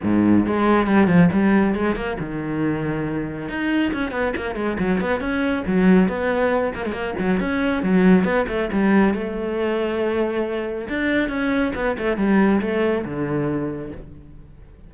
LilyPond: \new Staff \with { instrumentName = "cello" } { \time 4/4 \tempo 4 = 138 gis,4 gis4 g8 f8 g4 | gis8 ais8 dis2. | dis'4 cis'8 b8 ais8 gis8 fis8 b8 | cis'4 fis4 b4. ais16 gis16 |
ais8 fis8 cis'4 fis4 b8 a8 | g4 a2.~ | a4 d'4 cis'4 b8 a8 | g4 a4 d2 | }